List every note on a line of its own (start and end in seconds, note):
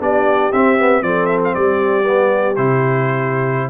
0.00 0.52 B3
0.00 0.51 D4
0.00 1.03 G4
0.00 0.52 D5
0.52 1.02 C4
0.52 0.78 C4
0.52 1.02 E5
0.78 1.02 B3
1.02 1.54 F3
1.02 2.03 C4
1.02 1.56 A4
1.02 1.26 D5
1.26 1.39 E5
1.44 1.54 F5
1.54 2.57 G3
1.54 3.70 G4
1.54 2.56 D5
2.03 2.55 B3
2.56 3.70 C3
2.56 3.70 E4
2.56 3.70 C5